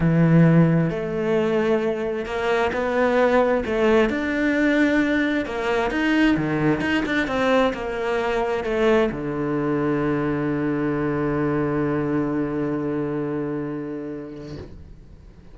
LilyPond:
\new Staff \with { instrumentName = "cello" } { \time 4/4 \tempo 4 = 132 e2 a2~ | a4 ais4 b2 | a4 d'2. | ais4 dis'4 dis4 dis'8 d'8 |
c'4 ais2 a4 | d1~ | d1~ | d1 | }